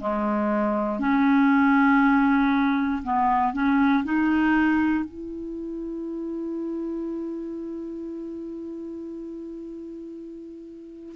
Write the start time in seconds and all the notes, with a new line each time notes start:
0.00 G#3
0.99 C#4
3.03 B3
3.53 C#4
4.04 D#4
5.05 E4